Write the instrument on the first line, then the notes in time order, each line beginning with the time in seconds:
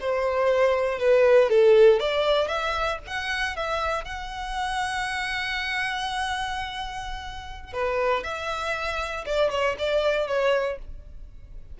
violin
0.00 C5
0.99 B4
1.49 A4
1.99 D5
2.48 E5
3.07 F#5
3.56 E5
4.04 F#5
7.73 B4
8.23 E5
9.25 D5
9.50 C#5
9.78 D5
10.27 C#5